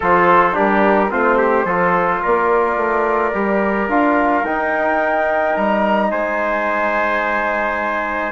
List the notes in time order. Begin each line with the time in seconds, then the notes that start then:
0.00 F3 F4 A4 C5
0.52 G3 D4 G4 A#4
1.10 A3 C4 F4 C5
1.37 G4
1.64 F3 F4 A4
2.22 A#3 A#4 D5
2.76 A3
3.33 G3 G4
3.88 D4 F4 F5
4.43 D#4 G5
5.56 G3 A#5
6.10 G#3 C5 G#5